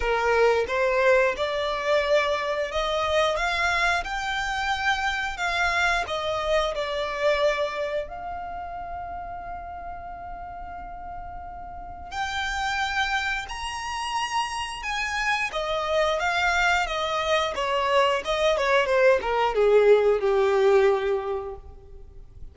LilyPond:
\new Staff \with { instrumentName = "violin" } { \time 4/4 \tempo 4 = 89 ais'4 c''4 d''2 | dis''4 f''4 g''2 | f''4 dis''4 d''2 | f''1~ |
f''2 g''2 | ais''2 gis''4 dis''4 | f''4 dis''4 cis''4 dis''8 cis''8 | c''8 ais'8 gis'4 g'2 | }